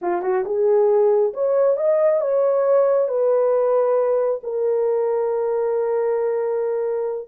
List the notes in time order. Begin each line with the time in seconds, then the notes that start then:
0.01 F4
0.22 F#4
0.45 G#4
1.33 C#5
1.76 D#5
2.20 C#5
3.08 B4
4.43 A#4